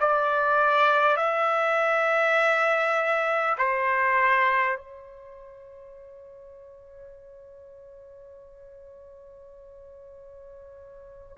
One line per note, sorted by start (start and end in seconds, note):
0.00 1.16 D5
1.16 3.56 E5
3.58 4.77 C5
4.77 11.37 C#5